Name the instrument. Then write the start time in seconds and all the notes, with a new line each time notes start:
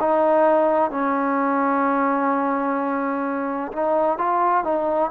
trombone
0.00 D#4
0.91 C#4
3.73 D#4
4.18 F4
4.64 D#4